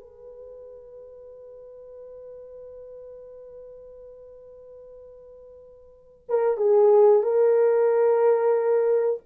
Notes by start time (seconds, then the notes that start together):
0.00 B4
6.29 A#4
6.58 G#4
7.23 A#4